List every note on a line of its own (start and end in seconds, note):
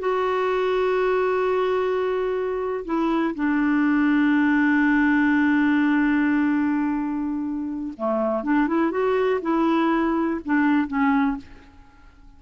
0.00 2.85 F#4
2.85 3.35 E4
3.35 7.94 D4
7.97 8.44 A3
8.44 8.68 D4
8.68 8.91 E4
8.91 9.41 F#4
9.42 10.41 E4
10.45 10.88 D4
10.88 11.38 C#4